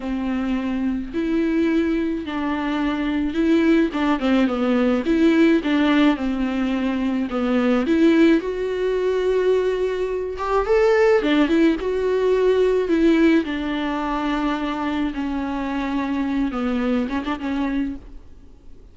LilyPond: \new Staff \with { instrumentName = "viola" } { \time 4/4 \tempo 4 = 107 c'2 e'2 | d'2 e'4 d'8 c'8 | b4 e'4 d'4 c'4~ | c'4 b4 e'4 fis'4~ |
fis'2~ fis'8 g'8 a'4 | d'8 e'8 fis'2 e'4 | d'2. cis'4~ | cis'4. b4 cis'16 d'16 cis'4 | }